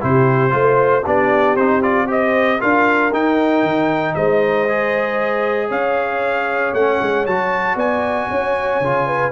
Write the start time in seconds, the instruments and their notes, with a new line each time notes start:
0.00 tuba C3, trombone E4, horn G4, trumpet C5
0.50 tuba A3, trombone F4, horn C5
1.03 tuba B3, trombone D4, horn G4, trumpet D5
1.55 tuba C4, trombone D#4, trumpet C5
1.82 trombone F4, trumpet D5
2.06 trombone G4, horn C5, trumpet D#5
2.58 tuba D4, trombone F4, horn A#4, trumpet F5
3.12 tuba D#4, trombone D#4, trumpet G5
3.62 tuba D#3
4.14 tuba G#3, horn C5, trumpet D#5
4.68 trombone G#4
5.69 tuba C#4, horn C#5, trumpet F5
6.73 tuba A3, trombone C#4, trumpet F#5
7.01 tuba G#3
7.26 tuba F#3, trombone F#4, trumpet A5
7.75 tuba B3, horn D5, trumpet G#5
8.29 tuba C#4, horn C#5
8.80 tuba C#3, trombone F4
9.06 horn B4